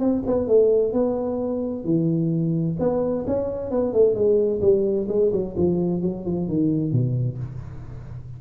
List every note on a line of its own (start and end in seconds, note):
0.00 0.23 C4
0.26 0.48 B3
0.48 0.93 A3
0.93 1.84 B3
1.84 2.77 E3
2.79 3.25 B3
3.27 3.71 C#4
3.71 3.93 B3
3.93 4.15 A3
4.15 4.61 G#3
4.61 5.07 G3
5.09 5.32 G#3
5.32 5.56 F#3
5.57 6.02 F3
6.02 6.25 F#3
6.25 6.48 F3
6.48 6.92 D#3
6.92 7.38 B2